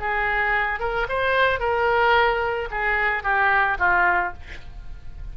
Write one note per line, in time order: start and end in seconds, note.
0.00 0.80 G#4
0.80 1.07 A#4
1.09 1.60 C5
1.60 2.69 A#4
2.71 3.23 G#4
3.23 3.78 G4
3.79 4.33 F4